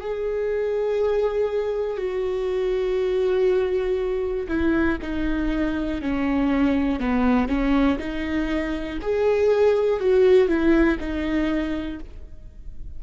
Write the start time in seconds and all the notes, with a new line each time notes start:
0.00 G#4
1.97 F#4
4.48 E4
5.01 D#4
6.01 C#4
7.00 B3
7.48 C#4
7.98 D#4
9.01 G#4
10.00 F#4
10.47 E4
11.00 D#4